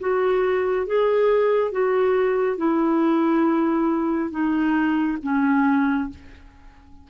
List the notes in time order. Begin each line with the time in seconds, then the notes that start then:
0.00 F#4
0.87 G#4
1.72 F#4
2.57 E4
4.31 D#4
5.23 C#4